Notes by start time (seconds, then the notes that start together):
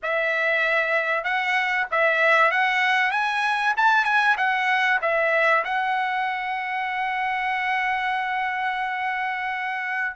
0.03 E5
1.24 F#5
1.91 E5
2.51 F#5
3.11 G#5
3.76 A5
4.05 G#5
4.37 F#5
5.01 E5
5.64 F#5